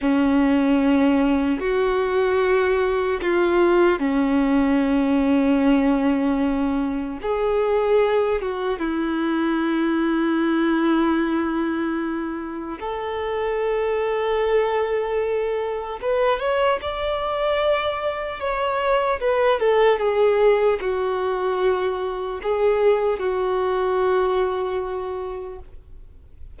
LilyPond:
\new Staff \with { instrumentName = "violin" } { \time 4/4 \tempo 4 = 75 cis'2 fis'2 | f'4 cis'2.~ | cis'4 gis'4. fis'8 e'4~ | e'1 |
a'1 | b'8 cis''8 d''2 cis''4 | b'8 a'8 gis'4 fis'2 | gis'4 fis'2. | }